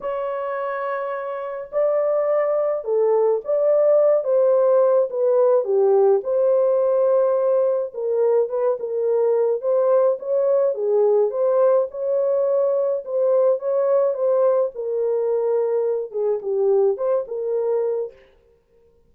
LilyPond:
\new Staff \with { instrumentName = "horn" } { \time 4/4 \tempo 4 = 106 cis''2. d''4~ | d''4 a'4 d''4. c''8~ | c''4 b'4 g'4 c''4~ | c''2 ais'4 b'8 ais'8~ |
ais'4 c''4 cis''4 gis'4 | c''4 cis''2 c''4 | cis''4 c''4 ais'2~ | ais'8 gis'8 g'4 c''8 ais'4. | }